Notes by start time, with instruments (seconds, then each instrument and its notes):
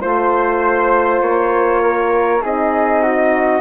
0.00 bassoon A3, horn F4, flute C5, trumpet C5
1.22 bassoon A#3, trumpet C#5
1.82 flute A#4
2.42 bassoon C4, horn D#4, flute G#4, trumpet D#5
3.02 flute F#4